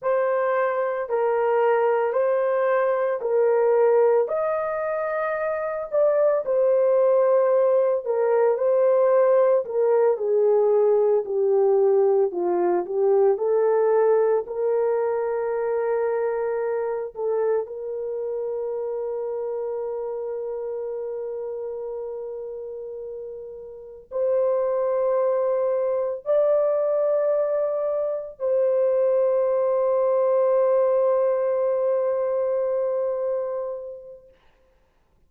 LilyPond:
\new Staff \with { instrumentName = "horn" } { \time 4/4 \tempo 4 = 56 c''4 ais'4 c''4 ais'4 | dis''4. d''8 c''4. ais'8 | c''4 ais'8 gis'4 g'4 f'8 | g'8 a'4 ais'2~ ais'8 |
a'8 ais'2.~ ais'8~ | ais'2~ ais'8 c''4.~ | c''8 d''2 c''4.~ | c''1 | }